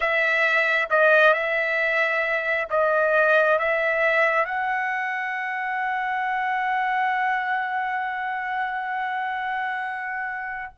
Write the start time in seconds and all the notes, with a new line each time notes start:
0.00 E5
0.90 D#5
1.34 E5
2.69 D#5
3.58 E5
4.45 F#5